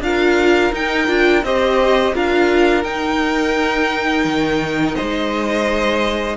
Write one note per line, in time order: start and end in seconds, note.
0.00 0.71 D4
0.00 0.73 F4
0.00 1.45 A#4
0.00 0.74 F5
0.73 1.08 D#4
0.73 1.07 D#4
0.73 1.44 G5
1.07 1.43 D4
1.07 1.43 F4
1.43 2.14 C4
1.43 2.14 G4
1.43 2.15 C5
1.43 2.15 D#5
2.14 2.84 D4
2.14 2.83 F4
2.14 4.96 A#4
2.14 2.84 F5
2.83 6.36 D#4
2.83 4.25 D#4
2.83 4.95 G5
4.25 4.95 D#3
4.95 6.37 G#3
4.95 6.37 C5
4.95 6.36 D#5